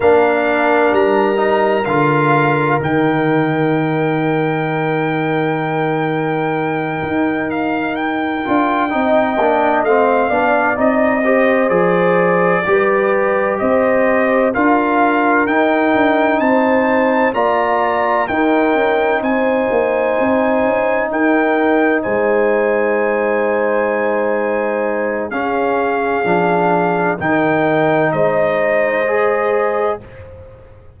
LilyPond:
<<
  \new Staff \with { instrumentName = "trumpet" } { \time 4/4 \tempo 4 = 64 f''4 ais''4 f''4 g''4~ | g''1 | f''8 g''2 f''4 dis''8~ | dis''8 d''2 dis''4 f''8~ |
f''8 g''4 a''4 ais''4 g''8~ | g''8 gis''2 g''4 gis''8~ | gis''2. f''4~ | f''4 g''4 dis''2 | }
  \new Staff \with { instrumentName = "horn" } { \time 4/4 ais'1~ | ais'1~ | ais'4. dis''4. d''4 | c''4. b'4 c''4 ais'8~ |
ais'4. c''4 d''4 ais'8~ | ais'8 c''2 ais'4 c''8~ | c''2. gis'4~ | gis'4 ais'4 c''2 | }
  \new Staff \with { instrumentName = "trombone" } { \time 4/4 d'4. dis'8 f'4 dis'4~ | dis'1~ | dis'4 f'8 dis'8 d'8 c'8 d'8 dis'8 | g'8 gis'4 g'2 f'8~ |
f'8 dis'2 f'4 dis'8~ | dis'1~ | dis'2. cis'4 | d'4 dis'2 gis'4 | }
  \new Staff \with { instrumentName = "tuba" } { \time 4/4 ais4 g4 d4 dis4~ | dis2.~ dis8 dis'8~ | dis'4 d'8 c'8 ais8 a8 b8 c'8~ | c'8 f4 g4 c'4 d'8~ |
d'8 dis'8 d'8 c'4 ais4 dis'8 | cis'8 c'8 ais8 c'8 cis'8 dis'4 gis8~ | gis2. cis'4 | f4 dis4 gis2 | }
>>